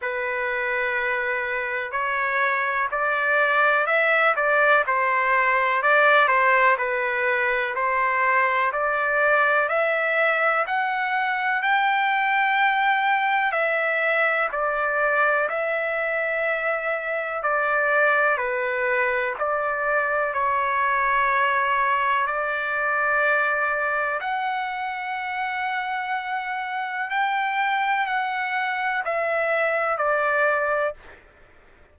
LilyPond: \new Staff \with { instrumentName = "trumpet" } { \time 4/4 \tempo 4 = 62 b'2 cis''4 d''4 | e''8 d''8 c''4 d''8 c''8 b'4 | c''4 d''4 e''4 fis''4 | g''2 e''4 d''4 |
e''2 d''4 b'4 | d''4 cis''2 d''4~ | d''4 fis''2. | g''4 fis''4 e''4 d''4 | }